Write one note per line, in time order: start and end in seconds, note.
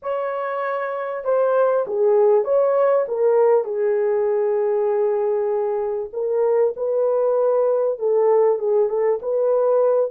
0.02 1.24 C#5
1.24 1.85 C5
1.87 2.44 G#4
2.44 3.05 C#5
3.08 3.64 A#4
3.64 6.09 G#4
6.12 6.73 A#4
6.76 7.98 B4
7.98 8.58 A4
8.58 8.89 G#4
8.89 9.19 A4
9.22 10.10 B4